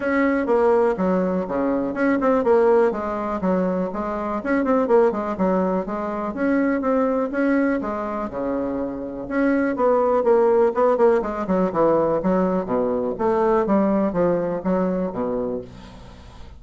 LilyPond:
\new Staff \with { instrumentName = "bassoon" } { \time 4/4 \tempo 4 = 123 cis'4 ais4 fis4 cis4 | cis'8 c'8 ais4 gis4 fis4 | gis4 cis'8 c'8 ais8 gis8 fis4 | gis4 cis'4 c'4 cis'4 |
gis4 cis2 cis'4 | b4 ais4 b8 ais8 gis8 fis8 | e4 fis4 b,4 a4 | g4 f4 fis4 b,4 | }